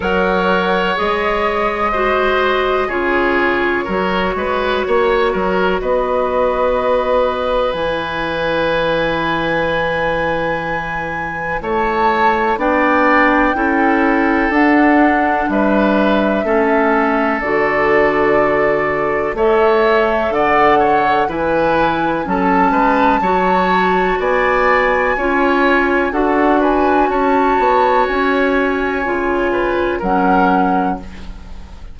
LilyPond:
<<
  \new Staff \with { instrumentName = "flute" } { \time 4/4 \tempo 4 = 62 fis''4 dis''2 cis''4~ | cis''2 dis''2 | gis''1 | a''4 g''2 fis''4 |
e''2 d''2 | e''4 fis''4 gis''4 a''4~ | a''4 gis''2 fis''8 gis''8 | a''4 gis''2 fis''4 | }
  \new Staff \with { instrumentName = "oboe" } { \time 4/4 cis''2 c''4 gis'4 | ais'8 b'8 cis''8 ais'8 b'2~ | b'1 | cis''4 d''4 a'2 |
b'4 a'2. | cis''4 d''8 cis''8 b'4 a'8 b'8 | cis''4 d''4 cis''4 a'8 b'8 | cis''2~ cis''8 b'8 ais'4 | }
  \new Staff \with { instrumentName = "clarinet" } { \time 4/4 ais'4 gis'4 fis'4 f'4 | fis'1 | e'1~ | e'4 d'4 e'4 d'4~ |
d'4 cis'4 fis'2 | a'2 e'4 cis'4 | fis'2 f'4 fis'4~ | fis'2 f'4 cis'4 | }
  \new Staff \with { instrumentName = "bassoon" } { \time 4/4 fis4 gis2 cis4 | fis8 gis8 ais8 fis8 b2 | e1 | a4 b4 cis'4 d'4 |
g4 a4 d2 | a4 d4 e4 fis8 gis8 | fis4 b4 cis'4 d'4 | cis'8 b8 cis'4 cis4 fis4 | }
>>